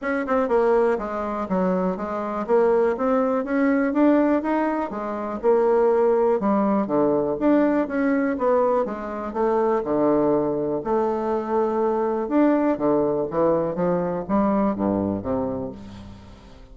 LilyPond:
\new Staff \with { instrumentName = "bassoon" } { \time 4/4 \tempo 4 = 122 cis'8 c'8 ais4 gis4 fis4 | gis4 ais4 c'4 cis'4 | d'4 dis'4 gis4 ais4~ | ais4 g4 d4 d'4 |
cis'4 b4 gis4 a4 | d2 a2~ | a4 d'4 d4 e4 | f4 g4 g,4 c4 | }